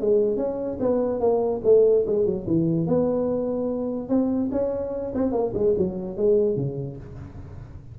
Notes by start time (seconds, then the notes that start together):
0.00 G#3
0.37 C#4
0.80 B3
1.20 A#3
1.64 A3
2.06 G#3
2.25 F#3
2.47 E3
2.87 B3
4.09 C4
4.51 C#4
5.14 C4
5.32 A#3
5.54 G#3
5.77 F#3
6.17 G#3
6.56 C#3